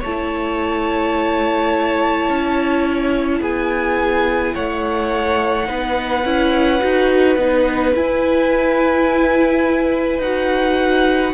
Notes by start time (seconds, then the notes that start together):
0.00 A3 C#5 A5
0.06 E4
2.29 C#4
3.41 B3 G#4 G#5
4.55 A3 C#5 F#5
5.64 B3 D#4 B4
6.25 C#4 E4
6.80 D#4 F#4
7.36 B3 D#4
7.95 E4 G#5
10.19 D#4 F#4 F#5